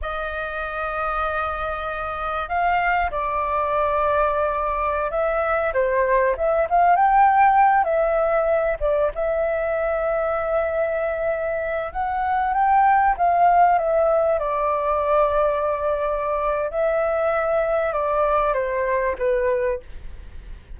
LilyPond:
\new Staff \with { instrumentName = "flute" } { \time 4/4 \tempo 4 = 97 dis''1 | f''4 d''2.~ | d''16 e''4 c''4 e''8 f''8 g''8.~ | g''8. e''4. d''8 e''4~ e''16~ |
e''2.~ e''16 fis''8.~ | fis''16 g''4 f''4 e''4 d''8.~ | d''2. e''4~ | e''4 d''4 c''4 b'4 | }